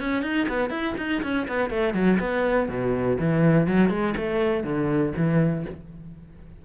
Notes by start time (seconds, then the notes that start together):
0.00 C#4
0.23 D#4
0.49 B3
0.70 E4
0.98 D#4
1.23 C#4
1.48 B3
1.70 A3
1.94 F#3
2.20 B3
2.69 B2
3.19 E3
3.67 F#3
3.90 G#3
4.17 A3
4.64 D3
5.16 E3